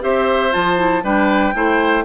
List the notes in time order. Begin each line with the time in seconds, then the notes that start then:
0.00 C4 G4 C5 E5
0.51 F3 F4 A5
0.76 E4
1.03 G3 D4 B4 G5
1.54 A3 E4 C5